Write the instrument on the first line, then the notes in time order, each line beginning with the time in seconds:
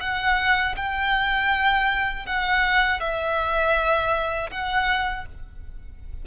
violin
0.00 F#5
0.76 G5
2.26 F#5
3.00 E5
4.50 F#5